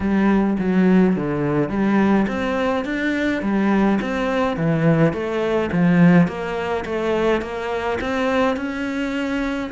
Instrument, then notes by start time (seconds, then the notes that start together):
cello
0.00 G3
0.59 F#3
1.16 D3
1.69 G3
2.27 C4
2.84 D4
3.42 G3
4.01 C4
4.57 E3
5.13 A3
5.72 F3
6.27 A#3
6.85 A3
7.41 A#3
8.01 C4
8.56 C#4